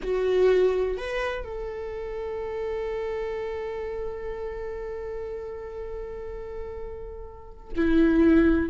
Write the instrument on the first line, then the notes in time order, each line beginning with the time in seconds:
viola
0.02 F#4
0.97 B4
1.44 A4
7.76 E4